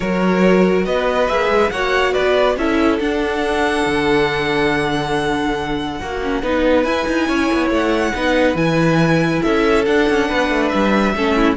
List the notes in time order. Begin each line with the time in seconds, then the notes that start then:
0.00 F#3 F#4 A#4 C#5
0.84 B3 B4 D#5
1.27 A#3 G#4 E5
1.49 G#3
1.70 A#3 F#4 C#5 F#5
2.12 B3 B4 D5
2.56 C#4 E4 A4 E5
2.99 D4 F#5
3.86 D3
6.00 A#3 F#4
6.22 C#4
6.41 B3 D#4 B4
6.83 E4 G#5
7.07 D#4
7.27 C#4 C#5
7.52 B3
7.70 A3 F#5
8.14 B3 D#4 B4
8.55 E3 E4 G#5
9.42 C#4 A4 E5
9.85 D4 F#5
10.09 C#4
10.28 B3 B4
10.49 A3
10.68 G3 E5
11.14 A3 C#4 A4
11.36 E4